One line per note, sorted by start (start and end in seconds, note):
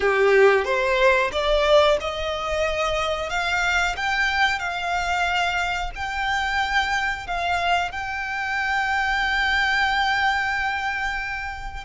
0.00 0.64 G4
0.64 1.30 C5
1.32 1.98 D5
2.00 3.29 D#5
3.29 3.95 F5
3.96 4.59 G5
4.59 5.90 F5
5.95 7.26 G5
7.26 7.91 F5
7.91 11.84 G5